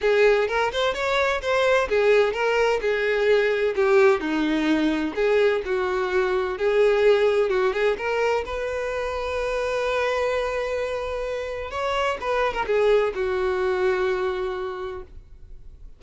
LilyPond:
\new Staff \with { instrumentName = "violin" } { \time 4/4 \tempo 4 = 128 gis'4 ais'8 c''8 cis''4 c''4 | gis'4 ais'4 gis'2 | g'4 dis'2 gis'4 | fis'2 gis'2 |
fis'8 gis'8 ais'4 b'2~ | b'1~ | b'4 cis''4 b'8. ais'16 gis'4 | fis'1 | }